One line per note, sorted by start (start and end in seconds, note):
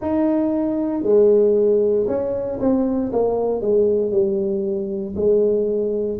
0.00 1.03 D#4
1.03 2.06 G#3
2.07 2.59 C#4
2.60 3.11 C4
3.12 3.61 A#3
3.61 4.11 G#3
4.11 5.14 G3
5.15 6.19 G#3